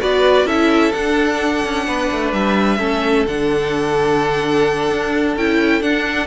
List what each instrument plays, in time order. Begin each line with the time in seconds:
0.00 cello B3, viola F#4, violin B4 D5
0.44 cello C#4, viola E4, violin A4 E5
0.92 cello D4, viola D4, violin F#5
1.65 cello C#4
1.87 cello B3, violin B4
2.11 cello A3
2.32 cello G3, violin E5
2.79 cello A3, viola C#4, violin A4
3.27 cello D3, viola D4, violin F#5
4.90 cello D4
5.36 cello C#4, viola E4, violin G5
5.82 cello D4, viola D4, violin F#5